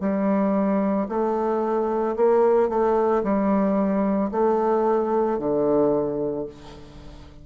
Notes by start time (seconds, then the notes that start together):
0.00 G3
1.08 A3
2.16 A#3
2.69 A3
3.23 G3
4.31 A3
5.39 D3